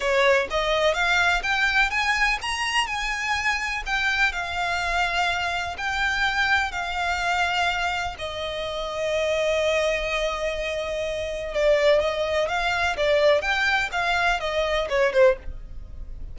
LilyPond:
\new Staff \with { instrumentName = "violin" } { \time 4/4 \tempo 4 = 125 cis''4 dis''4 f''4 g''4 | gis''4 ais''4 gis''2 | g''4 f''2. | g''2 f''2~ |
f''4 dis''2.~ | dis''1 | d''4 dis''4 f''4 d''4 | g''4 f''4 dis''4 cis''8 c''8 | }